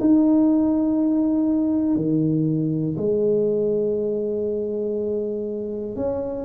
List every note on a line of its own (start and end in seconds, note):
0.00 1.96 D#4
1.96 2.96 D#3
2.97 5.96 G#3
5.96 6.45 C#4